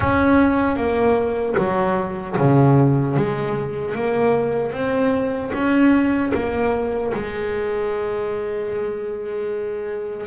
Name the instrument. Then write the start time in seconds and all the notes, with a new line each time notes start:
double bass
0.00 C#4
0.76 A#3
1.57 F#3
2.37 C#3
3.16 G#3
3.94 A#3
4.72 C4
5.53 C#4
6.34 A#3
7.13 G#3